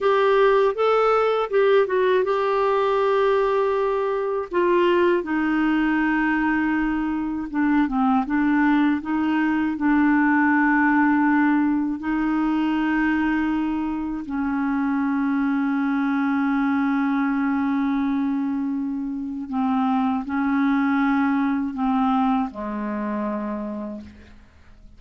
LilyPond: \new Staff \with { instrumentName = "clarinet" } { \time 4/4 \tempo 4 = 80 g'4 a'4 g'8 fis'8 g'4~ | g'2 f'4 dis'4~ | dis'2 d'8 c'8 d'4 | dis'4 d'2. |
dis'2. cis'4~ | cis'1~ | cis'2 c'4 cis'4~ | cis'4 c'4 gis2 | }